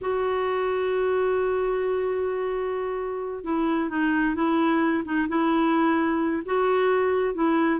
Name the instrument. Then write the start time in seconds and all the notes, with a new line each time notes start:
clarinet
0.01 F#4
3.44 E4
3.89 D#4
4.35 E4
5.04 D#4
5.28 E4
6.45 F#4
7.34 E4